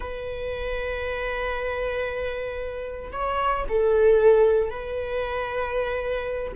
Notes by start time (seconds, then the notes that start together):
0.00 B4
3.12 C#5
3.68 A4
4.70 B4